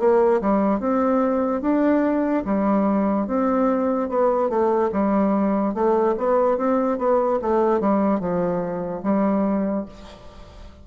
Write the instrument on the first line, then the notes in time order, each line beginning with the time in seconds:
bassoon
0.00 A#3
0.41 G3
0.80 C4
1.62 D4
2.45 G3
3.27 C4
4.09 B3
4.49 A3
4.93 G3
5.75 A3
6.18 B3
6.58 C4
6.99 B3
7.42 A3
7.80 G3
8.20 F3
9.04 G3